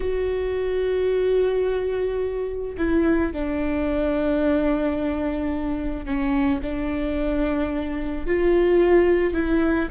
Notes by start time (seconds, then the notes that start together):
0.00 F#4
2.77 E4
3.33 D4
6.06 C#4
6.62 D4
8.26 F4
9.33 E4